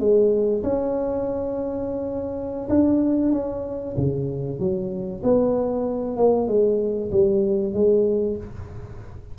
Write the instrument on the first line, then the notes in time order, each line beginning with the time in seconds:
tuba
0.00 G#3
0.64 C#4
2.70 D4
3.33 C#4
3.97 C#3
4.60 F#3
5.24 B3
6.17 A#3
6.48 G#3
7.12 G3
7.74 G#3